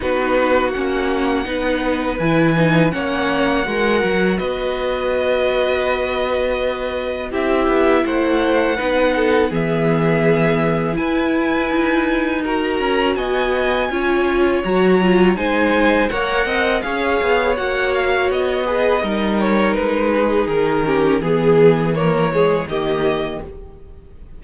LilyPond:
<<
  \new Staff \with { instrumentName = "violin" } { \time 4/4 \tempo 4 = 82 b'4 fis''2 gis''4 | fis''2 dis''2~ | dis''2 e''4 fis''4~ | fis''4 e''2 gis''4~ |
gis''4 ais''4 gis''2 | ais''4 gis''4 fis''4 f''4 | fis''8 f''8 dis''4. cis''8 b'4 | ais'4 gis'4 cis''4 dis''4 | }
  \new Staff \with { instrumentName = "violin" } { \time 4/4 fis'2 b'2 | cis''4 ais'4 b'2~ | b'2 g'4 c''4 | b'8 a'8 gis'2 b'4~ |
b'4 ais'4 dis''4 cis''4~ | cis''4 c''4 cis''8 dis''8 cis''4~ | cis''4. b'8 ais'4. gis'8~ | gis'8 g'8 gis'4 ais'8 gis'8 g'4 | }
  \new Staff \with { instrumentName = "viola" } { \time 4/4 dis'4 cis'4 dis'4 e'8 dis'8 | cis'4 fis'2.~ | fis'2 e'2 | dis'4 b2 e'4~ |
e'4 fis'2 f'4 | fis'8 f'8 dis'4 ais'4 gis'4 | fis'4. gis'8 dis'2~ | dis'8 cis'8 b4 ais8 gis8 ais4 | }
  \new Staff \with { instrumentName = "cello" } { \time 4/4 b4 ais4 b4 e4 | ais4 gis8 fis8 b2~ | b2 c'8 b8 a4 | b4 e2 e'4 |
dis'4. cis'8 b4 cis'4 | fis4 gis4 ais8 c'8 cis'8 b8 | ais4 b4 g4 gis4 | dis4 e2 dis4 | }
>>